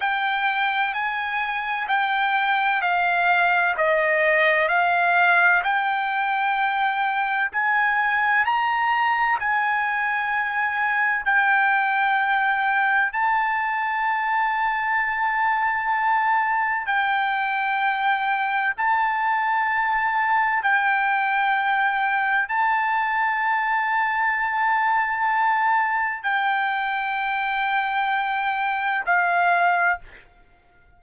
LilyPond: \new Staff \with { instrumentName = "trumpet" } { \time 4/4 \tempo 4 = 64 g''4 gis''4 g''4 f''4 | dis''4 f''4 g''2 | gis''4 ais''4 gis''2 | g''2 a''2~ |
a''2 g''2 | a''2 g''2 | a''1 | g''2. f''4 | }